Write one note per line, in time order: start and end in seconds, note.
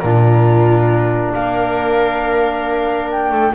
0.00 1.34 A#2
0.00 3.55 D4
0.00 1.35 F4
0.00 1.32 A#4
1.34 3.31 A#3
1.34 3.32 A#4
1.34 3.10 F5
3.11 3.55 G5
3.31 3.53 A3
3.31 3.54 A4